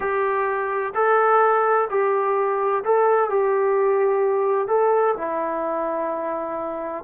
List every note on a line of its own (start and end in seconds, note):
0.00 0.93 G4
0.94 1.88 A4
1.90 2.83 G4
2.84 3.29 A4
3.29 4.67 G4
4.67 5.14 A4
5.16 7.04 E4